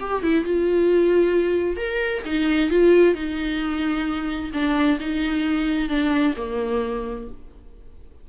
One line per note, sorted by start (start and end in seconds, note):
0.00 0.23 G4
0.23 0.44 E4
0.44 1.77 F4
1.77 2.22 A#4
2.25 2.70 D#4
2.70 3.15 F4
3.15 4.51 D#4
4.53 4.99 D4
5.00 5.89 D#4
5.89 6.34 D4
6.37 7.28 A#3